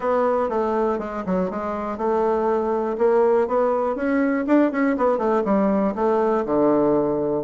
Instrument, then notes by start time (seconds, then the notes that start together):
bassoon
0.00 B3
0.49 A3
0.98 G#3
1.26 F#3
1.50 G#3
1.97 A3
2.98 A#3
3.47 B3
3.95 C#4
4.46 D4
4.71 C#4
4.97 B3
5.18 A3
5.45 G3
5.95 A3
6.45 D3